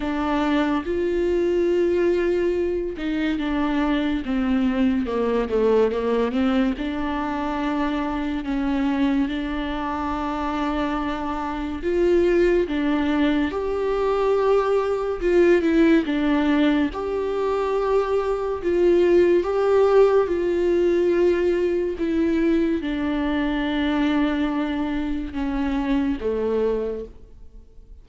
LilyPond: \new Staff \with { instrumentName = "viola" } { \time 4/4 \tempo 4 = 71 d'4 f'2~ f'8 dis'8 | d'4 c'4 ais8 a8 ais8 c'8 | d'2 cis'4 d'4~ | d'2 f'4 d'4 |
g'2 f'8 e'8 d'4 | g'2 f'4 g'4 | f'2 e'4 d'4~ | d'2 cis'4 a4 | }